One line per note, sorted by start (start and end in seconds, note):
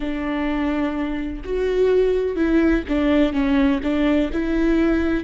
0.00 1.42 D4
1.44 2.35 F#4
2.35 2.83 E4
2.88 3.32 D4
3.32 3.80 C#4
3.83 4.30 D4
4.32 5.24 E4